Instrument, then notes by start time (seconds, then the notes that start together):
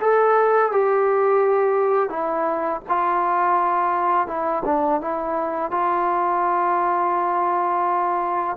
trombone
0.00 A4
0.71 G4
2.09 E4
2.88 F4
4.27 E4
4.65 D4
5.01 E4
5.71 F4